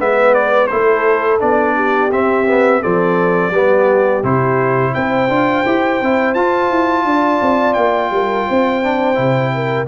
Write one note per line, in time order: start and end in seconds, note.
0.00 0.71 G#3
0.00 0.70 B3
0.00 0.71 B4
0.00 0.35 E5
0.35 0.68 D5
0.68 1.42 A3
0.68 1.40 E4
0.68 1.76 A4
0.68 1.38 C5
1.40 2.12 B3
1.40 2.11 D4
1.40 2.12 D5
1.76 2.81 G4
2.12 2.82 C4
2.12 2.47 C4
2.12 2.83 E5
2.47 2.83 B3
2.81 3.52 F3
2.81 3.53 C4
2.81 3.52 A4
2.81 4.24 D5
3.52 4.22 G3
3.52 4.23 B3
3.52 4.93 G4
4.23 4.95 C3
4.23 5.29 E4
4.23 4.95 C5
4.95 5.29 C4
4.95 7.06 C5
4.95 6.35 G5
5.29 5.64 D4
5.29 5.65 F4
5.66 6.02 E4
5.66 6.01 G4
6.02 6.35 C4
6.02 6.37 E4
6.35 6.71 F4
6.35 8.83 F4
6.35 7.74 A5
6.71 7.05 E4
7.05 7.41 D4
7.05 8.13 D5
7.42 7.77 C4
7.74 8.11 A#3
7.74 9.86 G5
8.11 8.46 G3
8.11 8.47 A#4
8.47 9.18 C4
8.47 9.53 C5
8.83 9.15 D4
9.15 9.88 C3
9.15 9.86 E4
9.54 9.88 A#4